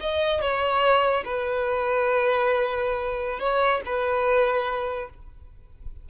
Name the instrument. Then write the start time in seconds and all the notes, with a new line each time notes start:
violin
0.00 D#5
0.41 C#5
1.24 B4
3.39 C#5
3.85 B4